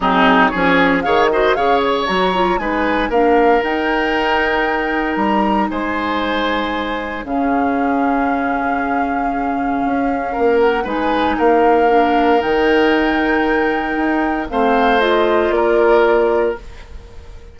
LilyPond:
<<
  \new Staff \with { instrumentName = "flute" } { \time 4/4 \tempo 4 = 116 gis'4 cis''4 f''8 dis''8 f''8 cis''8 | ais''4 gis''4 f''4 g''4~ | g''2 ais''4 gis''4~ | gis''2 f''2~ |
f''1~ | f''8 fis''8 gis''4 f''2 | g''1 | f''4 dis''4 d''2 | }
  \new Staff \with { instrumentName = "oboe" } { \time 4/4 dis'4 gis'4 cis''8 c''8 cis''4~ | cis''4 b'4 ais'2~ | ais'2. c''4~ | c''2 gis'2~ |
gis'1 | ais'4 b'4 ais'2~ | ais'1 | c''2 ais'2 | }
  \new Staff \with { instrumentName = "clarinet" } { \time 4/4 c'4 cis'4 gis'8 fis'8 gis'4 | fis'8 f'8 dis'4 d'4 dis'4~ | dis'1~ | dis'2 cis'2~ |
cis'1~ | cis'4 dis'2 d'4 | dis'1 | c'4 f'2. | }
  \new Staff \with { instrumentName = "bassoon" } { \time 4/4 fis4 f4 dis4 cis4 | fis4 gis4 ais4 dis'4~ | dis'2 g4 gis4~ | gis2 cis2~ |
cis2. cis'4 | ais4 gis4 ais2 | dis2. dis'4 | a2 ais2 | }
>>